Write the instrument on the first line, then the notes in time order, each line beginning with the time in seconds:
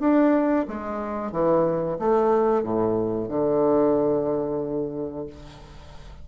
bassoon
0.00 D4
0.68 G#3
1.32 E3
1.99 A3
2.63 A2
3.29 D3